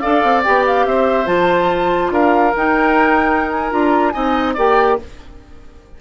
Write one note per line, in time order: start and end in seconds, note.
0.00 0.23 D4
0.00 0.44 A4
0.00 0.86 D5
0.00 0.42 F5
0.23 0.44 C4
0.43 0.86 B3
0.43 1.25 G4
0.43 0.64 G5
0.66 0.86 F5
0.86 1.26 C4
0.86 2.13 C5
0.86 1.27 E5
1.25 2.10 F3
1.25 2.52 F4
1.25 2.11 A5
2.10 2.52 D4
2.10 4.13 A#4
2.10 2.55 F5
2.56 3.72 D#4
2.56 3.70 D#4
2.56 3.50 G5
3.50 3.71 G#5
3.70 4.14 D4
3.70 4.12 F4
3.70 4.10 A#5
4.10 4.57 C4
4.10 4.55 D#4
4.10 4.54 D#5
4.10 4.52 G#5
4.54 4.99 A#3
4.54 4.99 G4
4.54 4.96 D5
4.54 5.01 G5